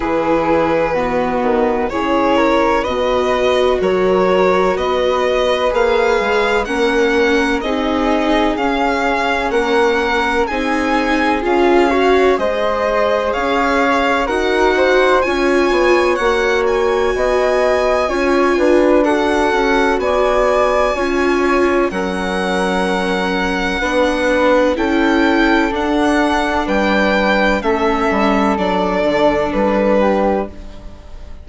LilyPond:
<<
  \new Staff \with { instrumentName = "violin" } { \time 4/4 \tempo 4 = 63 b'2 cis''4 dis''4 | cis''4 dis''4 f''4 fis''4 | dis''4 f''4 fis''4 gis''4 | f''4 dis''4 f''4 fis''4 |
gis''4 fis''8 gis''2~ gis''8 | fis''4 gis''2 fis''4~ | fis''2 g''4 fis''4 | g''4 e''4 d''4 b'4 | }
  \new Staff \with { instrumentName = "flute" } { \time 4/4 gis'4 fis'4 gis'8 ais'8 b'4 | ais'4 b'2 ais'4 | gis'2 ais'4 gis'4~ | gis'8 cis''8 c''4 cis''4 ais'8 c''8 |
cis''2 dis''4 cis''8 b'8 | a'4 d''4 cis''4 ais'4~ | ais'4 b'4 a'2 | b'4 a'2~ a'8 g'8 | }
  \new Staff \with { instrumentName = "viola" } { \time 4/4 e'4 b4 e'4 fis'4~ | fis'2 gis'4 cis'4 | dis'4 cis'2 dis'4 | f'8 fis'8 gis'2 fis'4 |
f'4 fis'2 f'4 | fis'2 f'4 cis'4~ | cis'4 d'4 e'4 d'4~ | d'4 cis'4 d'2 | }
  \new Staff \with { instrumentName = "bassoon" } { \time 4/4 e4. dis8 cis4 b,4 | fis4 b4 ais8 gis8 ais4 | c'4 cis'4 ais4 c'4 | cis'4 gis4 cis'4 dis'4 |
cis'8 b8 ais4 b4 cis'8 d'8~ | d'8 cis'8 b4 cis'4 fis4~ | fis4 b4 cis'4 d'4 | g4 a8 g8 fis8 d8 g4 | }
>>